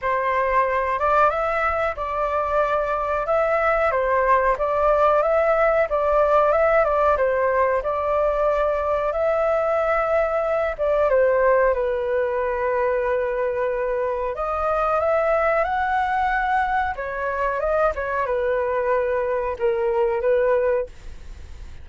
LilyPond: \new Staff \with { instrumentName = "flute" } { \time 4/4 \tempo 4 = 92 c''4. d''8 e''4 d''4~ | d''4 e''4 c''4 d''4 | e''4 d''4 e''8 d''8 c''4 | d''2 e''2~ |
e''8 d''8 c''4 b'2~ | b'2 dis''4 e''4 | fis''2 cis''4 dis''8 cis''8 | b'2 ais'4 b'4 | }